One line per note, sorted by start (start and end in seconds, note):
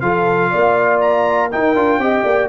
0.00 0.51 F3
0.00 1.51 F4
0.00 0.51 A4
0.00 0.99 F5
0.51 1.53 A#3
0.51 1.50 D5
1.00 1.50 A#5
1.51 1.75 D#4
1.51 1.76 D#4
1.51 2.01 A#4
1.51 2.49 G5
1.75 1.98 D4
1.75 2.00 F4
1.98 2.23 C4
1.98 2.49 G4
1.98 2.24 D#5
2.24 2.49 A#3
2.24 2.49 D5